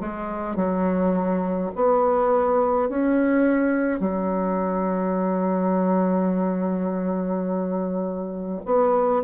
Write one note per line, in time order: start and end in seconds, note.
0.00 0.56 G#3
0.56 1.71 F#3
1.75 2.89 B3
2.89 4.00 C#4
4.00 8.61 F#3
8.65 9.23 B3